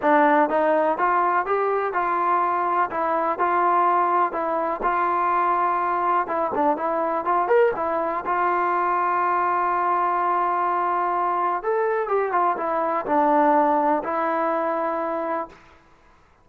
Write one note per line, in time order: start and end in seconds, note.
0.02 0.49 D4
0.49 0.98 D#4
0.98 1.45 F4
1.45 1.93 G4
1.93 2.90 F4
2.90 3.38 E4
3.38 4.32 F4
4.32 4.80 E4
4.83 6.27 F4
6.27 6.51 E4
6.54 6.76 D4
6.76 7.24 E4
7.24 7.48 F4
7.48 7.72 A#4
7.76 8.24 E4
8.25 11.62 F4
11.62 12.07 A4
12.07 12.32 G4
12.32 12.56 F4
12.57 13.05 E4
13.06 14.02 D4
14.03 15.48 E4